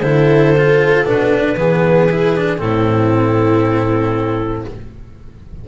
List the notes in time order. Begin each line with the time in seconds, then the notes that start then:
0.00 D3 E4 A4 C5
0.58 F4
1.05 B2 D4 B4
1.56 E3 B3 G#4
2.11 E4
2.36 D4
2.57 A2 C4 E4 A4